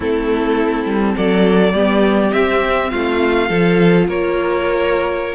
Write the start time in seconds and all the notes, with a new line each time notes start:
0.00 A3 C4 E4 A4
0.85 G3
1.15 F#3 A4 D5
1.73 G3 B3 G4
2.32 C4 E5
2.89 A3 F4 F5
3.47 F3 F4 A4
4.08 A#3 A#4 C#5